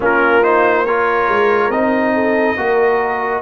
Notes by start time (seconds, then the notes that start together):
0.00 A#3 C#4 F4 A#4
0.42 D#4 C5
0.85 F4 A#4 C#5
1.28 G#3
1.69 C4 D#4 D#5
2.14 A4
2.56 A#3 F#4 A#4